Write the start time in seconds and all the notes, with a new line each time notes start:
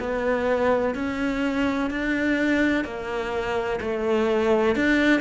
0.00 B3
0.95 C#4
1.91 D4
2.85 A#3
3.81 A3
4.76 D4